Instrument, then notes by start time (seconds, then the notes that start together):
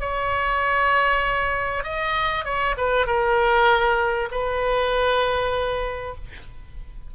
oboe
0.00 C#5
1.83 D#5
2.44 C#5
2.77 B4
3.06 A#4
4.31 B4